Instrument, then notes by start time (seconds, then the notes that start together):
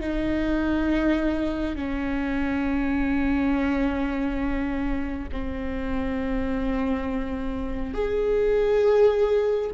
viola
0.00 D#4
1.75 C#4
5.32 C4
7.94 G#4